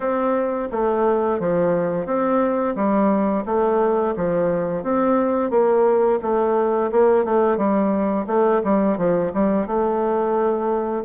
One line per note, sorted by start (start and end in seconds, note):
0.00 0.69 C4
0.71 1.39 A3
1.39 2.06 F3
2.06 2.75 C4
2.75 3.44 G3
3.45 4.14 A3
4.16 4.83 F3
4.83 5.50 C4
5.50 6.19 A#3
6.22 6.91 A3
6.91 7.24 A#3
7.24 7.57 A3
7.57 8.26 G3
8.27 8.61 A3
8.64 8.97 G3
8.97 9.32 F3
9.33 9.66 G3
9.66 11.04 A3